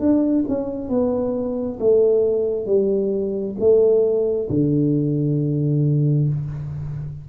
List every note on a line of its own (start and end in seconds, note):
0.00 0.45 D4
0.48 0.89 C#4
0.89 1.79 B3
1.80 2.67 A3
2.67 3.56 G3
3.60 4.49 A3
4.50 6.29 D3